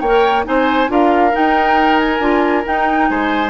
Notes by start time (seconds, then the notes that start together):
0.00 A#3 C#5 G5
0.06 A#4
0.44 C4 D#4 C5 G#5
0.88 D4 F4 A#4 F5
1.32 D#4 G5
1.98 G#5
2.20 D4 F4
2.65 D#4 G5
3.09 G#3 C5 G#5